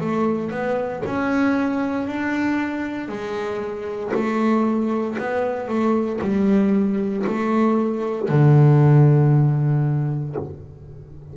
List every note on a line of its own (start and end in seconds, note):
0.00 0.51 A3
0.51 1.03 B3
1.05 2.07 C#4
2.07 3.08 D4
3.08 4.11 G#3
4.14 5.17 A3
5.18 5.68 B3
5.68 6.19 A3
6.21 7.24 G3
7.26 8.29 A3
8.29 10.35 D3